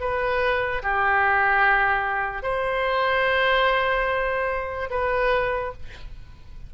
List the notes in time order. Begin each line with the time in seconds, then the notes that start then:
0.00 B4
0.83 G4
2.42 C5
4.90 B4